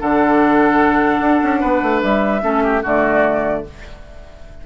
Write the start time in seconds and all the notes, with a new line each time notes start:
0.00 D3 D4 A4 F#5
1.21 D4
1.44 C#4
1.61 B3 B4
1.83 A3
2.03 G3 E5
2.42 A3 C#4 A4
2.64 G4
2.83 D3 A3 F#4 D5